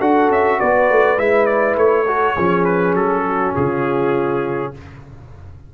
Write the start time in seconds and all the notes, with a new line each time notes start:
0.00 D4 F#4 A4 F#5
0.29 C#4 E5
0.59 B3 B4 D5
0.90 A3
1.18 G#3 E4 E5
1.46 D5
1.76 A3 C#5
2.07 F#4 A4
2.33 F3 C#4 G#4
2.65 B4
2.94 F#3 A4
3.26 F#4
3.55 C#3 F4 G#4